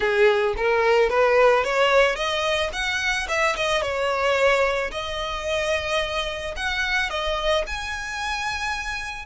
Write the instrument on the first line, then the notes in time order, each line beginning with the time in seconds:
violin
0.00 G#4
0.56 A#4
1.09 B4
1.63 C#5
2.15 D#5
2.72 F#5
3.28 E5
3.56 D#5
3.82 C#5
4.91 D#5
6.56 F#5
7.10 D#5
7.66 G#5